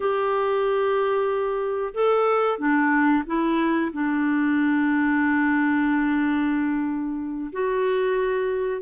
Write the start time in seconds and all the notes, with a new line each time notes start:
0.00 G4
1.94 A4
2.58 D4
3.26 E4
3.92 D4
7.52 F#4